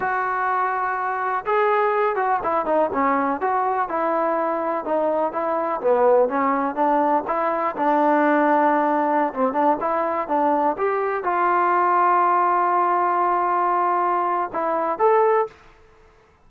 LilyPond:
\new Staff \with { instrumentName = "trombone" } { \time 4/4 \tempo 4 = 124 fis'2. gis'4~ | gis'8 fis'8 e'8 dis'8 cis'4 fis'4 | e'2 dis'4 e'4 | b4 cis'4 d'4 e'4 |
d'2.~ d'16 c'8 d'16~ | d'16 e'4 d'4 g'4 f'8.~ | f'1~ | f'2 e'4 a'4 | }